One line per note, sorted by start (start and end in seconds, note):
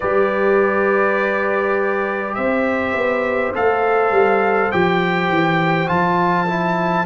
0.00 2.37 G3
0.00 3.54 G4
0.00 2.35 B4
0.00 2.34 D5
2.34 2.93 C4
2.34 7.05 C5
2.34 3.52 E5
2.93 3.52 B3
3.54 4.11 A3
3.54 4.72 A4
3.54 4.71 F5
4.11 4.69 G3
4.71 5.29 F3
4.71 5.87 G4
4.71 5.88 G5
5.29 5.88 E3
5.87 7.05 F3
5.87 6.46 F4
5.87 7.05 A5
6.47 7.05 E4